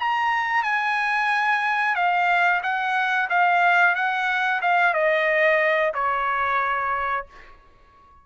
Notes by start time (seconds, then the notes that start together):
0.00 A#5
0.64 G#5
1.95 F5
2.63 F#5
3.30 F5
3.95 F#5
4.62 F5
4.94 D#5
5.94 C#5